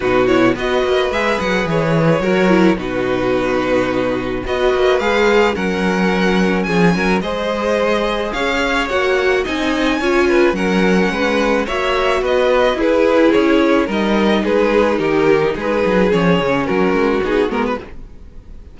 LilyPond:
<<
  \new Staff \with { instrumentName = "violin" } { \time 4/4 \tempo 4 = 108 b'8 cis''8 dis''4 e''8 fis''8 cis''4~ | cis''4 b'2. | dis''4 f''4 fis''2 | gis''4 dis''2 f''4 |
fis''4 gis''2 fis''4~ | fis''4 e''4 dis''4 b'4 | cis''4 dis''4 b'4 ais'4 | b'4 cis''4 ais'4 gis'8 ais'16 b'16 | }
  \new Staff \with { instrumentName = "violin" } { \time 4/4 fis'4 b'2. | ais'4 fis'2. | b'2 ais'2 | gis'8 ais'8 c''2 cis''4~ |
cis''4 dis''4 cis''8 b'8 ais'4 | b'4 cis''4 b'4 gis'4~ | gis'4 ais'4 gis'4 g'4 | gis'2 fis'2 | }
  \new Staff \with { instrumentName = "viola" } { \time 4/4 dis'8 e'8 fis'4 gis'2 | fis'8 e'8 dis'2. | fis'4 gis'4 cis'2~ | cis'4 gis'2. |
fis'4 dis'4 f'4 cis'4~ | cis'4 fis'2 e'4~ | e'4 dis'2.~ | dis'4 cis'2 dis'8 b8 | }
  \new Staff \with { instrumentName = "cello" } { \time 4/4 b,4 b8 ais8 gis8 fis8 e4 | fis4 b,2. | b8 ais8 gis4 fis2 | f8 fis8 gis2 cis'4 |
ais4 c'4 cis'4 fis4 | gis4 ais4 b4 e'4 | cis'4 g4 gis4 dis4 | gis8 fis8 f8 cis8 fis8 gis8 b8 gis8 | }
>>